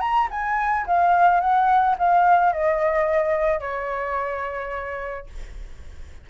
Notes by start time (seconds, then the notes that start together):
0.00 A#5
0.30 G#5
0.86 F5
1.40 F#5
1.98 F5
2.52 D#5
3.60 C#5